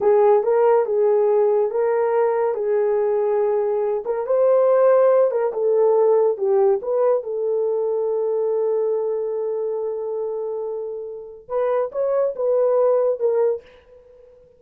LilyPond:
\new Staff \with { instrumentName = "horn" } { \time 4/4 \tempo 4 = 141 gis'4 ais'4 gis'2 | ais'2 gis'2~ | gis'4. ais'8 c''2~ | c''8 ais'8 a'2 g'4 |
b'4 a'2.~ | a'1~ | a'2. b'4 | cis''4 b'2 ais'4 | }